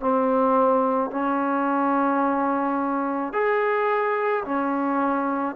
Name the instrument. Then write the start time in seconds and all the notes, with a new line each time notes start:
trombone
0.00 C4
1.10 C#4
3.32 G#4
4.45 C#4